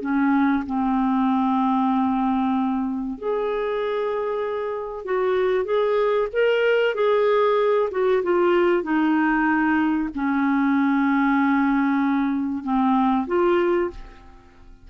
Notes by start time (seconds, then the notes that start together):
0.00 C#4
0.66 C4
3.18 G#4
5.05 F#4
5.64 G#4
6.32 A#4
6.94 G#4
7.91 F#4
8.22 F4
8.82 D#4
10.15 C#4
12.63 C4
13.27 F4